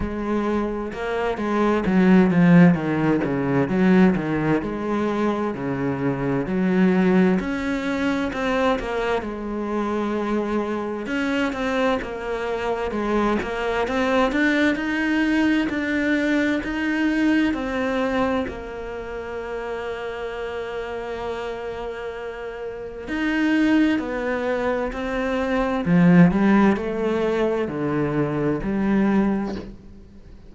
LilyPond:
\new Staff \with { instrumentName = "cello" } { \time 4/4 \tempo 4 = 65 gis4 ais8 gis8 fis8 f8 dis8 cis8 | fis8 dis8 gis4 cis4 fis4 | cis'4 c'8 ais8 gis2 | cis'8 c'8 ais4 gis8 ais8 c'8 d'8 |
dis'4 d'4 dis'4 c'4 | ais1~ | ais4 dis'4 b4 c'4 | f8 g8 a4 d4 g4 | }